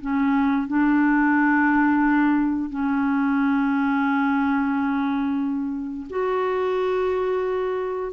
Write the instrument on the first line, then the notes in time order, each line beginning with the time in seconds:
clarinet
0.00 C#4
0.67 D4
2.69 C#4
6.09 F#4